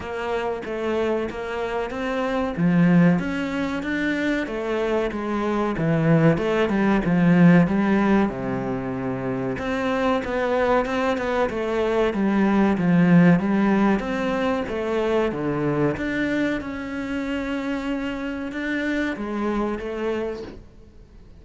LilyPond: \new Staff \with { instrumentName = "cello" } { \time 4/4 \tempo 4 = 94 ais4 a4 ais4 c'4 | f4 cis'4 d'4 a4 | gis4 e4 a8 g8 f4 | g4 c2 c'4 |
b4 c'8 b8 a4 g4 | f4 g4 c'4 a4 | d4 d'4 cis'2~ | cis'4 d'4 gis4 a4 | }